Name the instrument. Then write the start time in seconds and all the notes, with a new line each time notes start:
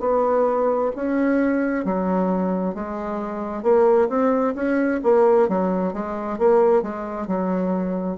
bassoon
0.00 B3
0.95 C#4
1.84 F#3
2.74 G#3
3.63 A#3
4.08 C4
4.55 C#4
5.03 A#3
5.48 F#3
5.93 G#3
6.38 A#3
6.82 G#3
7.27 F#3